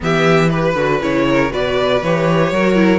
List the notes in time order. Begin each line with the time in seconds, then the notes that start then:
0.00 E3 B3 G4 E5
0.49 G4 B4
0.75 D3 F#4
1.00 C#3 E4 C#5
1.28 A#4
1.49 B2 F#4 B4 D5
2.02 E3 G4 C#5
2.52 F#3 F#4 A#4
2.75 E4